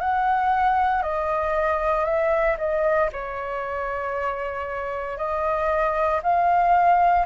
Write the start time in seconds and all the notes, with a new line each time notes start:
0.00 F#5
1.03 D#5
2.05 E5
2.58 D#5
3.12 C#5
5.17 D#5
6.23 F5